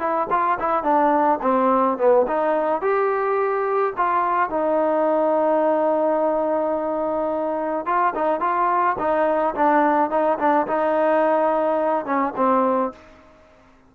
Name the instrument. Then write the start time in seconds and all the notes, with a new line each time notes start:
trombone
0.00 E4
0.31 F4
0.60 E4
0.84 D4
1.42 C4
1.99 B3
2.28 D#4
2.82 G4
3.98 F4
4.50 D#4
7.86 F4
8.16 D#4
8.41 F4
8.99 D#4
9.56 D4
10.11 D#4
10.39 D4
10.68 D#4
12.06 C#4
12.37 C4